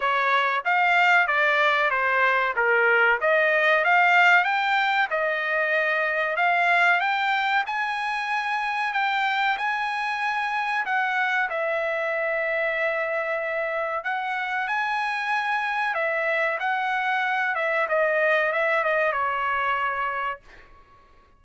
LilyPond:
\new Staff \with { instrumentName = "trumpet" } { \time 4/4 \tempo 4 = 94 cis''4 f''4 d''4 c''4 | ais'4 dis''4 f''4 g''4 | dis''2 f''4 g''4 | gis''2 g''4 gis''4~ |
gis''4 fis''4 e''2~ | e''2 fis''4 gis''4~ | gis''4 e''4 fis''4. e''8 | dis''4 e''8 dis''8 cis''2 | }